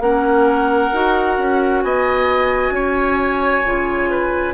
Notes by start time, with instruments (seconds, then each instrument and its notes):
0.00 bassoon A#3, clarinet C#4, oboe A#4, flute F#5
0.92 bassoon D#4, clarinet F#4
1.38 bassoon C#4
1.82 bassoon B3, oboe D#5, flute G#5
2.70 bassoon C#4, oboe C#5
3.65 bassoon C#3, clarinet F4
4.10 oboe B4